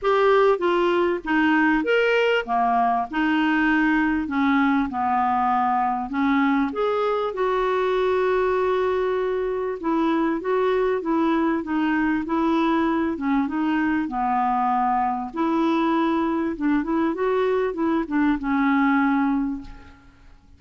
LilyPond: \new Staff \with { instrumentName = "clarinet" } { \time 4/4 \tempo 4 = 98 g'4 f'4 dis'4 ais'4 | ais4 dis'2 cis'4 | b2 cis'4 gis'4 | fis'1 |
e'4 fis'4 e'4 dis'4 | e'4. cis'8 dis'4 b4~ | b4 e'2 d'8 e'8 | fis'4 e'8 d'8 cis'2 | }